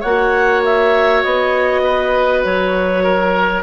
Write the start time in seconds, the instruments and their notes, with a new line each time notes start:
0.00 bassoon A#3, viola F#4, oboe C#5, clarinet F#5
0.64 clarinet E5
1.23 bassoon B3, clarinet D#5
1.83 oboe B4
2.44 bassoon F#3, clarinet C#5
3.03 oboe A#4